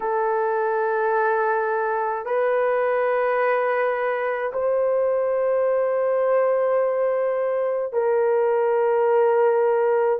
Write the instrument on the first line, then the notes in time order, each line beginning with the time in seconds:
horn
0.00 A4
2.25 B4
4.53 C5
7.92 A#4